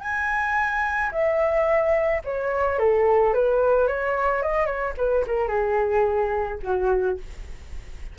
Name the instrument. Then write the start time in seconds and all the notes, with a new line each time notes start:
flute
0.00 G#5
1.11 E5
2.24 C#5
2.78 A4
3.33 B4
3.87 C#5
4.42 D#5
4.65 C#5
4.97 B4
5.26 A#4
5.48 G#4
6.62 F#4